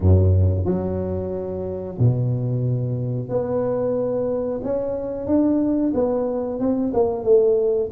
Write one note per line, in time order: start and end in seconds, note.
0.00 0.65 F#2
0.65 1.97 F#3
1.98 3.28 B2
3.28 4.60 B3
4.63 5.26 C#4
5.26 5.92 D4
5.93 6.59 B3
6.59 6.92 C4
6.93 7.23 A#3
7.23 7.89 A3